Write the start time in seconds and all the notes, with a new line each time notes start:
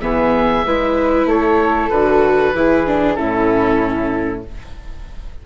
0.00 E3 B3 G#4 E5
0.65 G#3 E4 B4
1.25 A3 A4 C#5
1.89 D3 F#4 B4
2.53 E3 E4 G#4
2.86 D4
3.14 A2 C#4 E4 A4